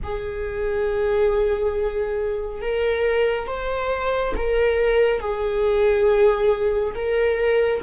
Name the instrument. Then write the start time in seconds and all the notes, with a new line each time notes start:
viola
0.03 G#4
2.61 A#4
3.47 C5
4.36 A#4
5.20 G#4
6.94 A#4